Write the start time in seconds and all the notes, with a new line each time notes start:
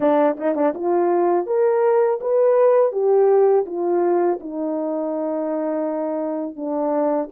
0.00 D4
0.37 D#4
0.55 D4
0.74 F4
1.46 A#4
2.20 B4
2.92 G4
3.66 F4
4.40 D#4
6.56 D4